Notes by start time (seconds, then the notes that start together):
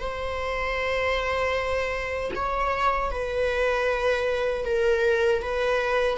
0.00 C5
2.35 C#5
3.11 B4
4.65 A#4
5.42 B4